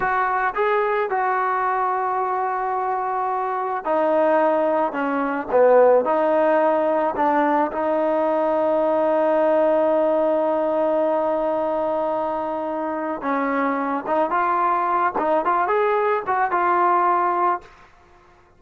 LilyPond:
\new Staff \with { instrumentName = "trombone" } { \time 4/4 \tempo 4 = 109 fis'4 gis'4 fis'2~ | fis'2. dis'4~ | dis'4 cis'4 b4 dis'4~ | dis'4 d'4 dis'2~ |
dis'1~ | dis'1 | cis'4. dis'8 f'4. dis'8 | f'8 gis'4 fis'8 f'2 | }